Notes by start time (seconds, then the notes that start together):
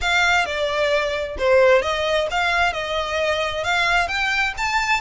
0.01 F5
0.45 D5
1.38 C5
1.82 D#5
2.31 F5
2.73 D#5
3.64 F5
4.08 G5
4.57 A5